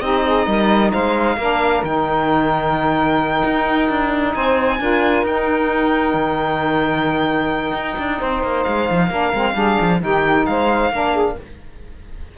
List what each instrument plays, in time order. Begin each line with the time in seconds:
0.00 cello C4, saxophone D#4 G4, violin D#5
0.25 saxophone G#4
0.46 cello G3, saxophone A#4
0.92 cello G#3, saxophone C5, violin F5
1.36 cello A#3, saxophone D4 A#4
1.83 cello D#3, saxophone D#4, violin G5
3.44 cello D#4
3.89 cello D4
4.34 cello C4, saxophone C5, violin G#5
4.80 cello D4, saxophone F4 A#4
5.23 cello D#4, saxophone D#4, violin G5
6.13 cello D#3
7.73 cello D#4
7.98 cello D4
8.19 cello C4, saxophone C5
8.43 cello A#3
8.63 cello G#3, violin F5
8.90 cello F3
9.08 cello A#3, saxophone D4 A#4
9.33 cello G#3, saxophone C4
9.53 cello G3, saxophone D4 G#4
9.80 cello F3
10.00 cello D#3, saxophone D#4 G4, violin G5
10.46 cello G#3, saxophone C5, violin F5
10.90 cello A#3, saxophone D4 A#4
11.13 saxophone G#4